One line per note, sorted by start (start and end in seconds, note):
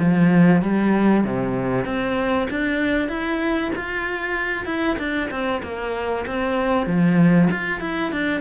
0.00 0.62 F3
0.62 1.25 G3
1.25 1.86 C3
1.86 2.48 C4
2.51 3.09 D4
3.09 3.72 E4
3.76 4.66 F4
4.66 4.97 E4
4.99 5.30 D4
5.31 5.62 C4
5.63 6.26 A#3
6.27 6.87 C4
6.87 7.50 F3
7.51 7.81 F4
7.81 8.12 E4
8.12 8.41 D4